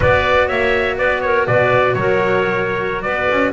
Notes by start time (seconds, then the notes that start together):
0.00 B3 F#4 B4 D5
0.47 A#3 C#5 E5
0.97 B3 B4 D5
1.21 A#4 C#5
1.46 B2 B4 D5
1.94 F#3 A#4 C#5
3.02 B3 B4 D5
3.30 C#4